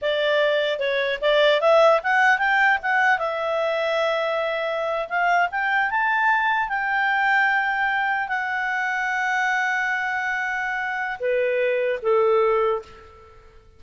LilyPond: \new Staff \with { instrumentName = "clarinet" } { \time 4/4 \tempo 4 = 150 d''2 cis''4 d''4 | e''4 fis''4 g''4 fis''4 | e''1~ | e''8. f''4 g''4 a''4~ a''16~ |
a''8. g''2.~ g''16~ | g''8. fis''2.~ fis''16~ | fis''1 | b'2 a'2 | }